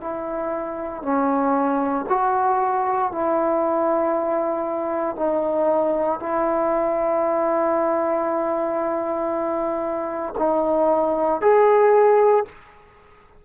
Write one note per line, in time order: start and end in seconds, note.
0.00 1.02 E4
1.02 2.05 C#4
2.08 3.11 F#4
3.11 5.15 E4
5.15 6.19 D#4
6.19 10.33 E4
10.38 11.41 D#4
11.41 12.44 G#4